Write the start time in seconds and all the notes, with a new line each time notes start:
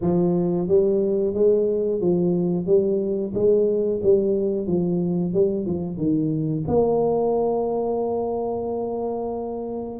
0.01 F3
0.68 G3
1.34 G#3
2.00 F3
2.66 G3
3.34 G#3
4.03 G3
4.67 F3
5.33 G3
5.65 F3
5.97 D#3
6.67 A#3